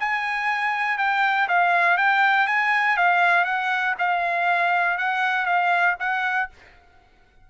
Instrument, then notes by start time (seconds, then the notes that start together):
trumpet
0.00 G#5
0.98 G5
1.49 F5
1.98 G5
2.48 G#5
2.97 F5
3.45 F#5
3.99 F5
4.98 F#5
5.46 F5
6.00 F#5